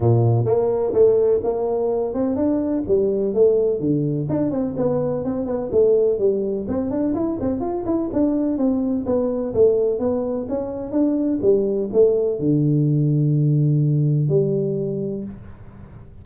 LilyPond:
\new Staff \with { instrumentName = "tuba" } { \time 4/4 \tempo 4 = 126 ais,4 ais4 a4 ais4~ | ais8 c'8 d'4 g4 a4 | d4 d'8 c'8 b4 c'8 b8 | a4 g4 c'8 d'8 e'8 c'8 |
f'8 e'8 d'4 c'4 b4 | a4 b4 cis'4 d'4 | g4 a4 d2~ | d2 g2 | }